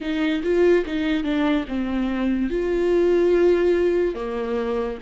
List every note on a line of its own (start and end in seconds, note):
0.00 0.42 D#4
0.43 0.84 F4
0.85 1.23 D#4
1.23 1.65 D4
1.68 2.50 C4
2.50 4.14 F4
4.14 4.98 A#3